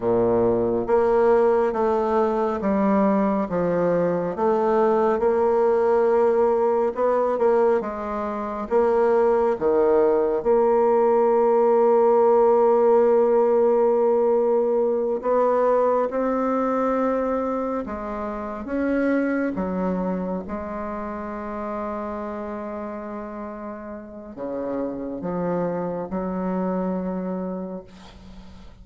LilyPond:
\new Staff \with { instrumentName = "bassoon" } { \time 4/4 \tempo 4 = 69 ais,4 ais4 a4 g4 | f4 a4 ais2 | b8 ais8 gis4 ais4 dis4 | ais1~ |
ais4. b4 c'4.~ | c'8 gis4 cis'4 fis4 gis8~ | gis1 | cis4 f4 fis2 | }